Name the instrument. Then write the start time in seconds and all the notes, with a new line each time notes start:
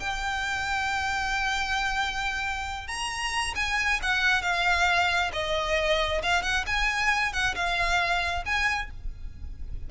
violin
0.00 G5
2.88 A#5
3.56 G#5
4.03 F#5
4.43 F5
5.33 D#5
6.23 F5
6.43 F#5
6.67 G#5
7.33 F#5
7.56 F5
8.46 G#5